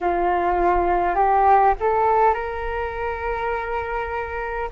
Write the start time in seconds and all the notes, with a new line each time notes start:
0.01 F4
1.15 G4
1.80 A4
2.34 A#4